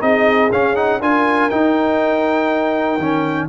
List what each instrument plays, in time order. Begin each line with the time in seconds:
0.00 tuba C4, trombone D#4, horn G#4, trumpet D#5
0.52 trombone C#4, tuba C#4, trumpet F5
0.75 trombone D#4, trumpet F#5
1.01 tuba D4, trombone F4, horn A#4, trumpet G#5
1.50 trombone D#4, tuba D#4, trumpet G5
2.98 tuba D#3, trombone C#4